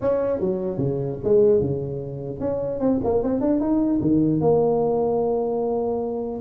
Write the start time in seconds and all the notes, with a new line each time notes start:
0.01 C#4
0.39 F#3
0.77 C#3
1.24 G#3
1.60 C#3
2.40 C#4
2.80 C4
3.03 A#3
3.23 C4
3.40 D4
3.60 D#4
4.01 D#3
4.41 A#3